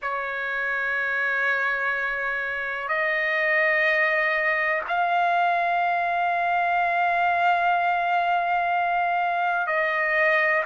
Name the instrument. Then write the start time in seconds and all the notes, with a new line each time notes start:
trumpet
0.01 C#5
2.88 D#5
4.87 F5
9.66 D#5